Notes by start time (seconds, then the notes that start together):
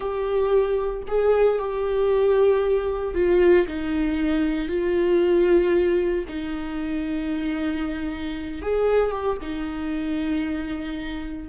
0.00 G4
1.07 G#4
1.58 G4
3.14 F4
3.67 D#4
4.68 F4
6.28 D#4
8.62 G#4
9.11 G4
9.41 D#4